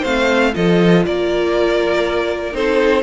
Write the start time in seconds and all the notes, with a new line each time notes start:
0.00 A3 C4 C5 F5
0.53 F3 F4 A4 D#5
1.05 A#3 A#4 D5
2.52 C4 D#4 A4 C5